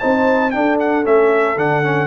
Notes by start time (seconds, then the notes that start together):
0.00 C4 D#4 C5 A5
0.51 D4 A4 G5
0.80 F#5
1.04 A3 C#4 E5
1.57 D3 D4 F#5
1.83 C#4